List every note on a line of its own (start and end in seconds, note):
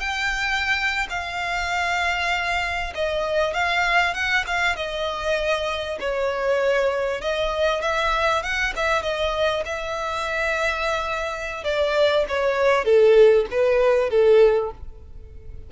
0.00 1.07 G5
1.09 2.93 F5
2.95 3.53 D#5
3.53 4.14 F5
4.14 4.44 F#5
4.47 4.76 F5
4.76 5.98 D#5
6.00 7.21 C#5
7.21 7.81 D#5
7.81 8.42 E5
8.42 8.73 F#5
8.76 9.02 E5
9.02 9.63 D#5
9.65 11.64 E5
11.64 12.25 D5
12.28 12.85 C#5
12.85 13.46 A4
13.50 14.10 B4
14.10 14.71 A4